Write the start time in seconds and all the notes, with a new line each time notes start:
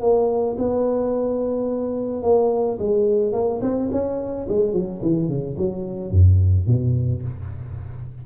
0.00 A#3
0.58 B3
2.22 A#3
2.78 G#3
3.32 A#3
3.61 C4
3.91 C#4
4.48 G#3
4.72 F#3
5.01 E3
5.28 C#3
5.57 F#3
6.11 F#2
6.66 B2